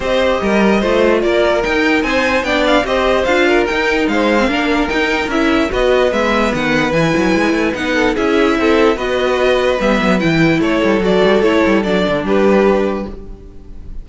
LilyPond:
<<
  \new Staff \with { instrumentName = "violin" } { \time 4/4 \tempo 4 = 147 dis''2. d''4 | g''4 gis''4 g''8 f''8 dis''4 | f''4 g''4 f''2 | g''4 e''4 dis''4 e''4 |
fis''4 gis''2 fis''4 | e''2 dis''2 | e''4 g''4 cis''4 d''4 | cis''4 d''4 b'2 | }
  \new Staff \with { instrumentName = "violin" } { \time 4/4 c''4 ais'4 c''4 ais'4~ | ais'4 c''4 d''4 c''4~ | c''8 ais'4. c''4 ais'4~ | ais'2 b'2~ |
b'2.~ b'8 a'8 | gis'4 a'4 b'2~ | b'2 a'2~ | a'2 g'2 | }
  \new Staff \with { instrumentName = "viola" } { \time 4/4 g'2 f'2 | dis'2 d'4 g'4 | f'4 dis'4.~ dis'16 c'16 d'4 | dis'4 e'4 fis'4 b4~ |
b4 e'2 dis'4 | e'2 fis'2 | b4 e'2 fis'4 | e'4 d'2. | }
  \new Staff \with { instrumentName = "cello" } { \time 4/4 c'4 g4 a4 ais4 | dis'4 c'4 b4 c'4 | d'4 dis'4 gis4 ais4 | dis'4 cis'4 b4 gis4 |
dis4 e8 fis8 gis8 a8 b4 | cis'4 c'4 b2 | g8 fis8 e4 a8 g8 fis8 g8 | a8 g8 fis8 d8 g2 | }
>>